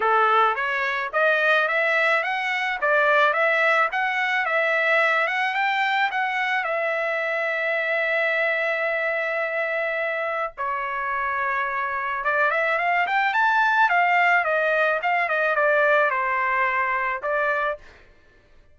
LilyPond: \new Staff \with { instrumentName = "trumpet" } { \time 4/4 \tempo 4 = 108 a'4 cis''4 dis''4 e''4 | fis''4 d''4 e''4 fis''4 | e''4. fis''8 g''4 fis''4 | e''1~ |
e''2. cis''4~ | cis''2 d''8 e''8 f''8 g''8 | a''4 f''4 dis''4 f''8 dis''8 | d''4 c''2 d''4 | }